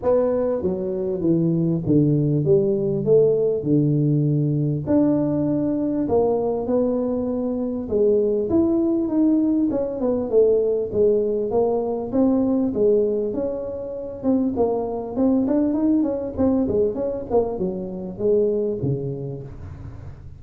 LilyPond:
\new Staff \with { instrumentName = "tuba" } { \time 4/4 \tempo 4 = 99 b4 fis4 e4 d4 | g4 a4 d2 | d'2 ais4 b4~ | b4 gis4 e'4 dis'4 |
cis'8 b8 a4 gis4 ais4 | c'4 gis4 cis'4. c'8 | ais4 c'8 d'8 dis'8 cis'8 c'8 gis8 | cis'8 ais8 fis4 gis4 cis4 | }